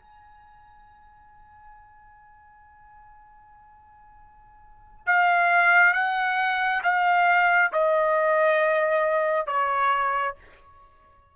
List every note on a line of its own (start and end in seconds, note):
0.00 5.07 G#5
5.07 5.94 F5
5.94 6.82 F#5
6.84 7.72 F5
7.73 9.47 D#5
9.47 10.36 C#5